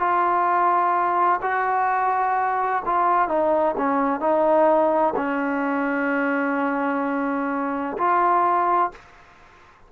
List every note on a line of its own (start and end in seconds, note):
0.00 1.41 F4
1.42 2.83 F#4
2.86 3.29 F4
3.29 3.76 D#4
3.78 4.21 C#4
4.21 5.14 D#4
5.16 7.97 C#4
7.98 8.92 F4